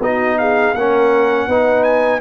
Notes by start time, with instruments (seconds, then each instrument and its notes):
0.00 tuba B3, trombone D#4, horn F#4, trumpet D#5
0.38 horn G#4, trumpet F5
0.73 tuba A#3, trombone C#4, horn A#4, trumpet F#5
1.47 tuba B3, trombone D#4, horn B4
1.83 trumpet G#5